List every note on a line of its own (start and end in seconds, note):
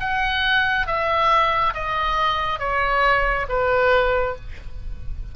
0.00 0.87 F#5
0.87 1.74 E5
1.74 2.59 D#5
2.59 3.46 C#5
3.49 4.36 B4